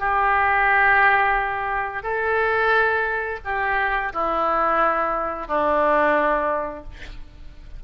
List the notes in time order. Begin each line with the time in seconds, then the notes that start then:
0.00 G4
2.03 A4
3.45 G4
4.14 E4
5.48 D4